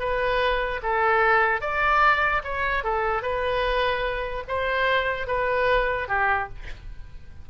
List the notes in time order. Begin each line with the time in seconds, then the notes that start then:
0.00 B4
0.83 A4
1.62 D5
2.45 C#5
2.84 A4
3.23 B4
4.48 C5
5.28 B4
6.09 G4